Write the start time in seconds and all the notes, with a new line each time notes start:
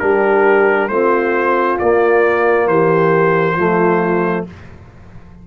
0.00 G3 D4 G4 A#4
0.89 A3 C4 F4 C5
1.79 A#3 D5
2.68 E3 G4 C5
3.56 F3 A3 F4